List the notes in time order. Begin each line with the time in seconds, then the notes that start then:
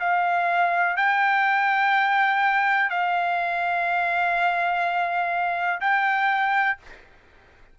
0.00 F5
0.97 G5
2.90 F5
5.81 G5